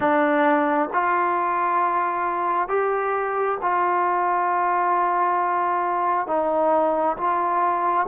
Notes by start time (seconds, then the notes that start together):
0.00 D4
0.93 F4
2.68 G4
3.61 F4
6.27 D#4
7.16 F4